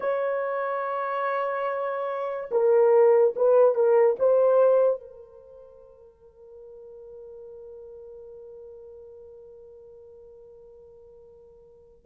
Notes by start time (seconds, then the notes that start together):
0.00 C#5
2.51 A#4
3.36 B4
3.74 A#4
4.19 C5
5.00 A#4